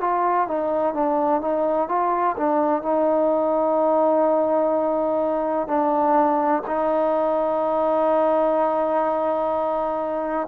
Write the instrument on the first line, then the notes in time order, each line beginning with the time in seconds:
trombone
0.00 F4
0.47 D#4
0.94 D4
1.41 D#4
1.88 F4
2.37 D4
2.82 D#4
5.67 D4
6.66 D#4